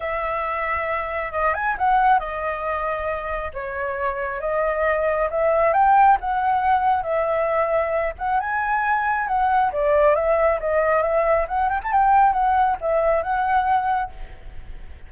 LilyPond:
\new Staff \with { instrumentName = "flute" } { \time 4/4 \tempo 4 = 136 e''2. dis''8 gis''8 | fis''4 dis''2. | cis''2 dis''2 | e''4 g''4 fis''2 |
e''2~ e''8 fis''8 gis''4~ | gis''4 fis''4 d''4 e''4 | dis''4 e''4 fis''8 g''16 a''16 g''4 | fis''4 e''4 fis''2 | }